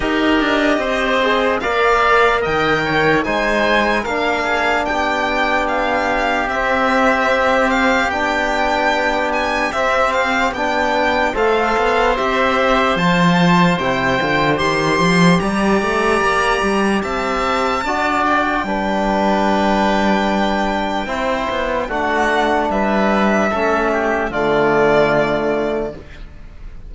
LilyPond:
<<
  \new Staff \with { instrumentName = "violin" } { \time 4/4 \tempo 4 = 74 dis''2 f''4 g''4 | gis''4 f''4 g''4 f''4 | e''4. f''8 g''4. gis''8 | e''8 f''8 g''4 f''4 e''4 |
a''4 g''4 c'''4 ais''4~ | ais''4 a''4. g''4.~ | g''2. fis''4 | e''2 d''2 | }
  \new Staff \with { instrumentName = "oboe" } { \time 4/4 ais'4 c''4 d''4 dis''8 cis''8 | c''4 ais'8 gis'8 g'2~ | g'1~ | g'2 c''2~ |
c''2. d''4~ | d''4 e''4 d''4 b'4~ | b'2 c''4 fis'4 | b'4 a'8 g'8 f'2 | }
  \new Staff \with { instrumentName = "trombone" } { \time 4/4 g'4. gis'8 ais'2 | dis'4 d'2. | c'2 d'2 | c'4 d'4 a'4 g'4 |
f'4 e'8 f'8 g'2~ | g'2 fis'4 d'4~ | d'2 e'4 d'4~ | d'4 cis'4 a2 | }
  \new Staff \with { instrumentName = "cello" } { \time 4/4 dis'8 d'8 c'4 ais4 dis4 | gis4 ais4 b2 | c'2 b2 | c'4 b4 a8 b8 c'4 |
f4 c8 d8 dis8 f8 g8 a8 | ais8 g8 c'4 d'4 g4~ | g2 c'8 b8 a4 | g4 a4 d2 | }
>>